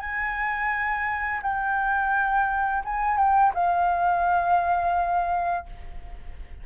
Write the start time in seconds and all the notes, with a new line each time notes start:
0.00 G#5
1.43 G5
2.85 G#5
3.18 G5
3.55 F5